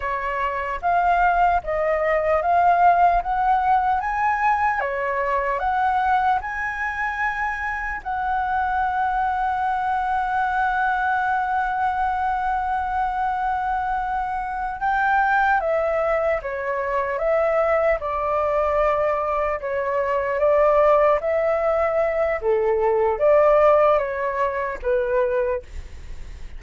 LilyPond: \new Staff \with { instrumentName = "flute" } { \time 4/4 \tempo 4 = 75 cis''4 f''4 dis''4 f''4 | fis''4 gis''4 cis''4 fis''4 | gis''2 fis''2~ | fis''1~ |
fis''2~ fis''8 g''4 e''8~ | e''8 cis''4 e''4 d''4.~ | d''8 cis''4 d''4 e''4. | a'4 d''4 cis''4 b'4 | }